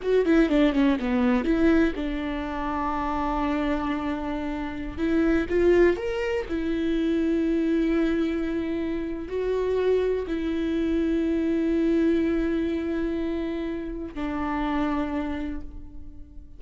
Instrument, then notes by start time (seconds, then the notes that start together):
viola
0.02 F#4
0.25 E4
0.49 D4
0.73 C#4
0.99 B3
1.44 E4
1.95 D4
4.97 E4
5.49 F4
5.96 A#4
6.49 E4
9.28 F#4
10.27 E4
14.14 D4